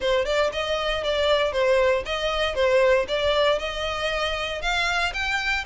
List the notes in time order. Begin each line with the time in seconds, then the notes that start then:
0.00 C5
0.25 D5
0.52 D#5
1.03 D5
1.52 C5
2.05 D#5
2.54 C5
3.08 D5
3.59 D#5
4.61 F5
5.13 G5